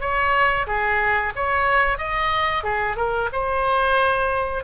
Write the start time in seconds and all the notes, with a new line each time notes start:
0.00 C#5
0.67 G#4
1.35 C#5
1.98 D#5
2.63 G#4
2.96 A#4
3.32 C5